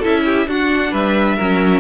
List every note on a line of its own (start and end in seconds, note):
0.00 0.47 C#4
0.00 0.49 E4
0.00 0.23 A4
0.00 0.49 E5
0.26 0.48 G4
0.47 0.92 D4
0.47 1.39 D4
0.47 0.92 F#4
0.47 0.94 F#5
0.92 1.38 G3
0.92 1.37 B4
0.92 1.81 E5
1.37 1.81 F#3
1.37 1.81 C#4
1.37 1.81 A#4